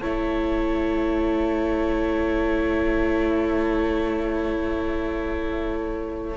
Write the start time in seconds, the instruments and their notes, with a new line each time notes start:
0.00 cello A3, viola E4, violin C#5 A5